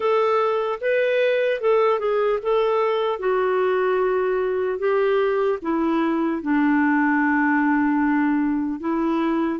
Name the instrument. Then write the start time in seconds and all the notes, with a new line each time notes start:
clarinet
0.00 A4
0.80 B4
1.60 A4
1.99 G#4
2.42 A4
3.19 F#4
4.78 G4
5.62 E4
6.42 D4
8.80 E4